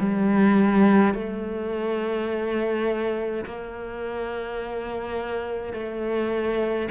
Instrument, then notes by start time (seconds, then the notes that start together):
cello
0.00 G3
1.14 A3
3.46 A#3
5.73 A3